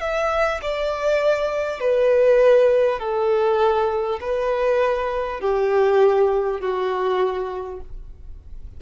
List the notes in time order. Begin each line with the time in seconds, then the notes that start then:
0.00 E5
0.62 D5
1.79 B4
2.99 A4
4.20 B4
5.40 G4
6.60 F#4